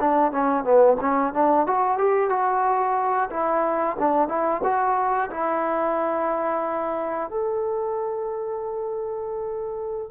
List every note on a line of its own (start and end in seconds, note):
0.00 0.32 D4
0.32 0.64 C#4
0.64 0.98 B3
1.01 1.34 C#4
1.34 1.67 D4
1.67 1.98 F#4
1.98 2.30 G4
2.30 3.30 F#4
3.31 3.97 E4
3.99 4.28 D4
4.28 4.62 E4
4.64 5.30 F#4
5.31 7.31 E4
7.31 10.11 A4